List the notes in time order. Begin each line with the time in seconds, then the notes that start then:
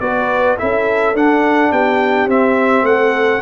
0.00 B3 F#4 B4 D5
0.57 C#4 E4 A4 E5
1.14 D4 F#5
1.71 B3 G4 G5
2.26 C4 E5
2.82 A3 A4 F#5